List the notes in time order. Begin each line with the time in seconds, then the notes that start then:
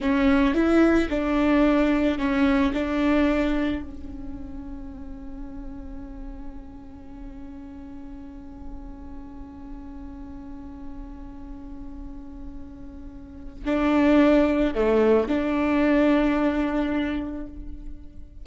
0.00 C#4
0.54 E4
1.09 D4
2.18 C#4
2.73 D4
3.82 C#4
13.64 D4
14.74 A3
15.28 D4